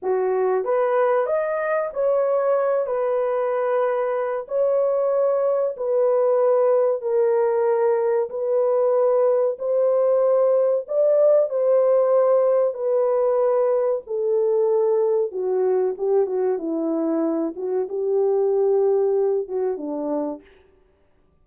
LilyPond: \new Staff \with { instrumentName = "horn" } { \time 4/4 \tempo 4 = 94 fis'4 b'4 dis''4 cis''4~ | cis''8 b'2~ b'8 cis''4~ | cis''4 b'2 ais'4~ | ais'4 b'2 c''4~ |
c''4 d''4 c''2 | b'2 a'2 | fis'4 g'8 fis'8 e'4. fis'8 | g'2~ g'8 fis'8 d'4 | }